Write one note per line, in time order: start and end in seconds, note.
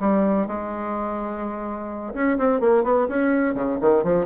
0.00 0.47 G3
0.47 2.14 G#3
2.14 2.38 C#4
2.38 2.60 C4
2.60 2.84 A#3
2.84 3.07 B3
3.08 3.54 C#4
3.54 3.78 C#3
3.81 4.03 D#3
4.03 4.26 F3